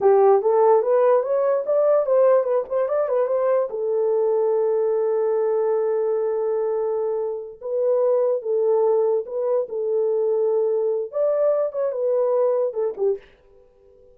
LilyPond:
\new Staff \with { instrumentName = "horn" } { \time 4/4 \tempo 4 = 146 g'4 a'4 b'4 cis''4 | d''4 c''4 b'8 c''8 d''8 b'8 | c''4 a'2.~ | a'1~ |
a'2~ a'8 b'4.~ | b'8 a'2 b'4 a'8~ | a'2. d''4~ | d''8 cis''8 b'2 a'8 g'8 | }